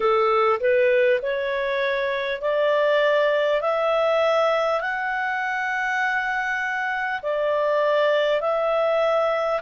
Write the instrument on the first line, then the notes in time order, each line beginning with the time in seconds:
clarinet
0.00 A4
0.59 B4
1.22 C#5
2.41 D5
3.61 E5
4.81 F#5
7.22 D5
8.41 E5